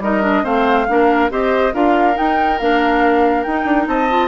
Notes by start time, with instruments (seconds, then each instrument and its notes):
0.00 bassoon G3, clarinet D#4, oboe A#4, flute D#5
0.22 clarinet D4
0.44 bassoon A3, clarinet C4, oboe C5, flute F5
0.89 bassoon A#3, clarinet D4, oboe A#4
1.30 bassoon C4, clarinet G4, oboe C5, flute D#5
1.73 bassoon D4, clarinet F4, oboe A#4, flute F5
2.14 clarinet D#4, flute G5
2.20 bassoon D#4
2.59 bassoon A#3, clarinet D4, flute F5
3.43 bassoon D#4, clarinet D#4, flute G5
3.65 bassoon D4
3.87 bassoon C4, oboe D#5, flute A5
4.10 clarinet F4